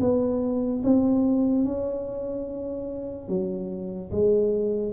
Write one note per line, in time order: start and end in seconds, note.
0.00 0.82 B3
0.84 1.65 C4
1.65 3.28 C#4
3.28 4.11 F#3
4.11 4.93 G#3